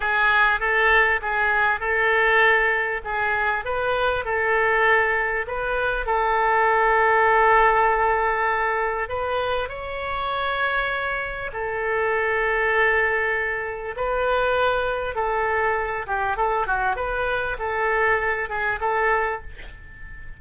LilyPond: \new Staff \with { instrumentName = "oboe" } { \time 4/4 \tempo 4 = 99 gis'4 a'4 gis'4 a'4~ | a'4 gis'4 b'4 a'4~ | a'4 b'4 a'2~ | a'2. b'4 |
cis''2. a'4~ | a'2. b'4~ | b'4 a'4. g'8 a'8 fis'8 | b'4 a'4. gis'8 a'4 | }